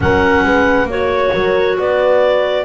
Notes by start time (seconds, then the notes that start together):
0.00 F#3 C#4 A#4 F#5
0.43 G#3 B4
0.83 A#3 F#4 C#5
0.91 C#5
1.33 F#3 A#4
1.78 B3 B4 D5